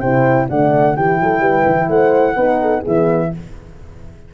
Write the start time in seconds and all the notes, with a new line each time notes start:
0.00 C3 E4 C5 G5
0.49 D3 A3 D5 F#5
0.96 E3 E4 G4 G5
1.20 F#3 A4
1.39 G3 B4
1.66 E3
1.89 A3 C5 F#5
2.35 B3 D#4 B4
2.61 A4
2.81 E3 B3 G#4 E5